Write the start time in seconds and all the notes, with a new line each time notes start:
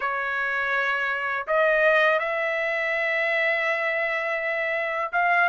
0.00 C#5
1.47 D#5
2.19 E5
5.12 F5